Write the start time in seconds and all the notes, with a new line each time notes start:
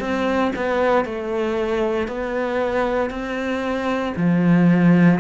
0.00 C4
0.55 B3
1.05 A3
2.08 B3
3.10 C4
4.16 F3